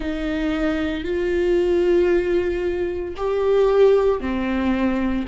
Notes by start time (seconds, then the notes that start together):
0.00 D#4
1.04 F4
3.16 G4
4.20 C4